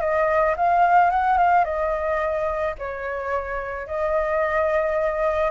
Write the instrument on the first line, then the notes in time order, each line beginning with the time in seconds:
flute
0.00 D#5
0.57 F5
1.10 F#5
1.37 F5
1.64 D#5
2.78 C#5
3.87 D#5